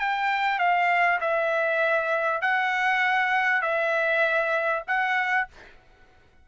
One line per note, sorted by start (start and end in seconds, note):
0.00 0.59 G5
0.59 1.20 F5
1.21 2.42 E5
2.42 3.62 F#5
3.62 4.83 E5
4.88 5.48 F#5